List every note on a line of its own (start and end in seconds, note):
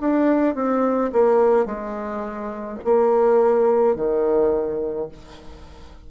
0.00 0.55 D4
0.55 1.11 C4
1.12 1.66 A#3
1.66 2.79 G#3
2.84 3.96 A#3
3.96 5.09 D#3